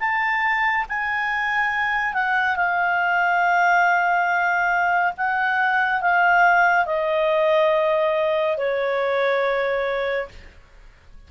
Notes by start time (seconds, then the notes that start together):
0.00 A5
0.89 G#5
2.14 F#5
2.56 F5
5.18 F#5
6.02 F5
6.86 D#5
8.58 C#5